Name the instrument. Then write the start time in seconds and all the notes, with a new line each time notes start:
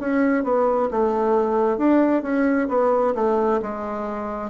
bassoon
0.00 C#4
0.43 B3
0.90 A3
1.77 D4
2.22 C#4
2.68 B3
3.14 A3
3.62 G#3